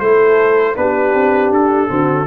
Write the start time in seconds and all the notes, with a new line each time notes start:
0.00 A3 E4 A4 C5
0.75 B3 D4 G4 B4
1.14 C4
1.51 D4 A4
1.88 D3 C4 F#4